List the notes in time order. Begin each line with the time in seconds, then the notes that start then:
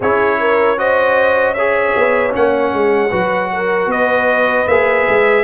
0.00 C#4 E4 G#4 C#5
0.39 A#4
0.77 F#4 C5 D#5
1.54 G#4 C#5 E5
1.96 B3
2.30 A#3 C#4 F#5
2.73 G#3
3.10 F#3 F#4 B4
3.52 A#4
3.86 B3 B4 D#5
4.67 A#3 G#4 E5
5.07 G#3